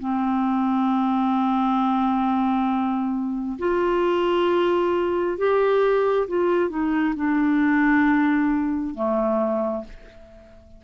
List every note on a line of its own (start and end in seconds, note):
0.00 3.58 C4
3.59 5.38 F4
5.38 6.28 G4
6.28 6.70 F4
6.70 7.15 D#4
7.16 8.95 D4
8.95 9.85 A3